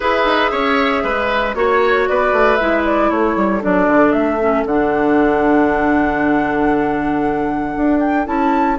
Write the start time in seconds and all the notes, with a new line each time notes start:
0.00 E4 G#4 B4 E5
0.24 D#4
0.51 C#4 C#5
1.03 G#3 B4
1.54 A#3 F#4 C#5
2.07 B3 B4 D5
2.32 A3
2.55 G#3 E4 E5
2.85 D5
3.10 A3 A4 C#5
3.36 G3
3.61 F#3 D4 D5
3.87 D3
4.12 A3 E5
4.40 C#4
4.65 D3 D4 F#5
7.76 D4
8.00 G5
8.25 C#4 E4 A5